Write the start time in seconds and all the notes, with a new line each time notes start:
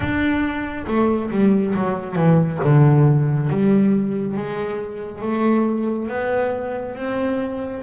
0.00 D4
0.87 A3
1.30 G3
1.74 F#3
2.15 E3
2.63 D3
3.49 G3
4.37 G#3
5.21 A3
6.08 B3
6.95 C4